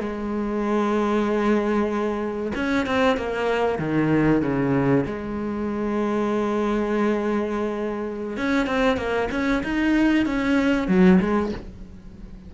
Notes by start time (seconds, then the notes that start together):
0.00 G#3
2.55 C#4
2.87 C4
3.17 A#3
3.79 D#3
4.42 C#3
5.06 G#3
8.37 C#4
8.67 C4
8.97 A#3
9.32 C#4
9.63 D#4
10.26 C#4
10.88 F#3
11.20 G#3